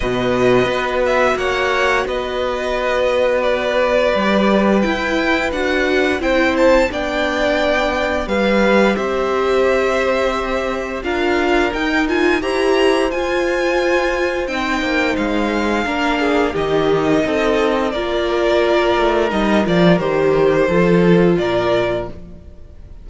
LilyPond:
<<
  \new Staff \with { instrumentName = "violin" } { \time 4/4 \tempo 4 = 87 dis''4. e''8 fis''4 dis''4~ | dis''4 d''2 g''4 | fis''4 g''8 a''8 g''2 | f''4 e''2. |
f''4 g''8 gis''8 ais''4 gis''4~ | gis''4 g''4 f''2 | dis''2 d''2 | dis''8 d''8 c''2 d''4 | }
  \new Staff \with { instrumentName = "violin" } { \time 4/4 b'2 cis''4 b'4~ | b'1~ | b'4 c''4 d''2 | b'4 c''2. |
ais'2 c''2~ | c''2. ais'8 gis'8 | g'4 a'4 ais'2~ | ais'2 a'4 ais'4 | }
  \new Staff \with { instrumentName = "viola" } { \time 4/4 fis'1~ | fis'2 g'4 e'4 | fis'4 e'4 d'2 | g'1 |
f'4 dis'8 f'8 g'4 f'4~ | f'4 dis'2 d'4 | dis'2 f'2 | dis'8 f'8 g'4 f'2 | }
  \new Staff \with { instrumentName = "cello" } { \time 4/4 b,4 b4 ais4 b4~ | b2 g4 e'4 | d'4 c'4 b2 | g4 c'2. |
d'4 dis'4 e'4 f'4~ | f'4 c'8 ais8 gis4 ais4 | dis4 c'4 ais4. a8 | g8 f8 dis4 f4 ais,4 | }
>>